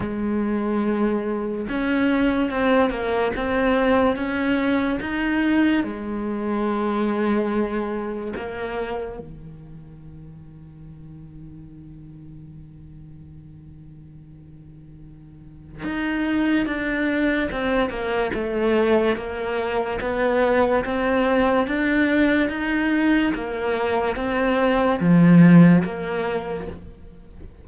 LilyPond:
\new Staff \with { instrumentName = "cello" } { \time 4/4 \tempo 4 = 72 gis2 cis'4 c'8 ais8 | c'4 cis'4 dis'4 gis4~ | gis2 ais4 dis4~ | dis1~ |
dis2. dis'4 | d'4 c'8 ais8 a4 ais4 | b4 c'4 d'4 dis'4 | ais4 c'4 f4 ais4 | }